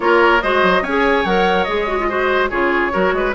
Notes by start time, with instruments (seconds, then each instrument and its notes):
0.00 bassoon A#3, clarinet F4, oboe A#4, flute C#5
0.41 bassoon G#3, clarinet F#4, oboe C5, flute D#5
0.62 bassoon F#3
0.82 bassoon C#4, clarinet G#4, oboe C#5, flute G#5
1.25 bassoon F#3, clarinet A#4, flute F#5
1.63 bassoon G#3, clarinet G#4, flute D#5
1.87 clarinet F#4
1.99 clarinet F4
2.08 clarinet F#4, oboe C5
2.49 bassoon C#3, clarinet F4, oboe G#4, flute C#5
2.91 bassoon F#3, clarinet F#4, oboe A#4
3.12 bassoon G#3, oboe B4